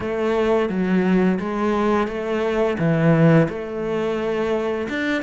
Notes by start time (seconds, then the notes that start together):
0.00 A3
0.69 F#3
1.39 G#3
2.07 A3
2.78 E3
3.48 A3
4.89 D4